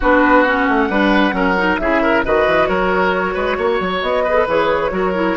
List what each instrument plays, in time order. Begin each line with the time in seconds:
0.00 bassoon B3, clarinet D4, oboe F#4, flute B4
0.43 clarinet C#4, flute F#5
0.68 bassoon A3
0.89 bassoon G3, clarinet D4, oboe B4
1.31 bassoon F#3, clarinet C#4, oboe A#4
1.57 clarinet D#4
1.77 bassoon C#3, clarinet E4, oboe G#4, flute E5
2.02 oboe A#4
2.25 bassoon D#3, clarinet F#4, oboe B4, flute D#5
2.46 bassoon E3
2.67 bassoon F#3, oboe A#4, flute C#5
3.34 bassoon G#3, oboe B4
3.57 bassoon A#3, oboe C#5
3.79 bassoon F#3
4.02 bassoon B3, flute D#5
4.24 clarinet G#4, oboe B4
4.35 clarinet A4
4.47 bassoon E3, clarinet G#4, flute C#5
4.90 bassoon F#3, clarinet F#4, oboe A#4
5.14 clarinet E4